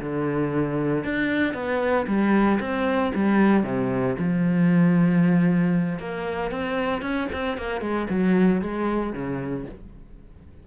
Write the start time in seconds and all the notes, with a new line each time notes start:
0.00 D3
1.05 D4
1.54 B3
2.07 G3
2.60 C4
3.15 G3
3.64 C3
4.19 F3
5.99 A#3
6.51 C4
7.02 C#4
7.33 C4
7.58 A#3
7.81 G#3
8.10 F#3
8.62 G#3
9.13 C#3